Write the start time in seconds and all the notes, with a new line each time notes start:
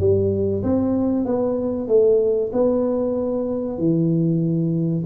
0.00 G3
0.63 C4
1.26 B3
1.88 A3
2.53 B3
3.78 E3